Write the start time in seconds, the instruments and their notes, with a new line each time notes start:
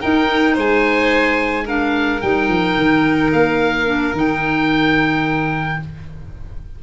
0.00 clarinet D#4, tuba D#4, violin A#4, oboe G5
0.54 tuba G#3, violin C5, oboe G#5
1.64 clarinet D4, violin A#4, oboe F5
2.21 tuba G3, clarinet D#4, oboe G5
2.48 tuba F3
2.77 tuba D#3
3.32 tuba A#3, oboe F5
3.85 clarinet D4
4.12 tuba D#3, clarinet D#4, oboe G5